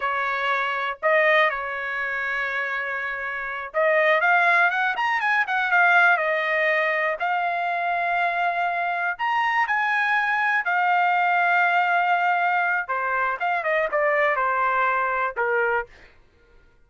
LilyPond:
\new Staff \with { instrumentName = "trumpet" } { \time 4/4 \tempo 4 = 121 cis''2 dis''4 cis''4~ | cis''2.~ cis''8 dis''8~ | dis''8 f''4 fis''8 ais''8 gis''8 fis''8 f''8~ | f''8 dis''2 f''4.~ |
f''2~ f''8 ais''4 gis''8~ | gis''4. f''2~ f''8~ | f''2 c''4 f''8 dis''8 | d''4 c''2 ais'4 | }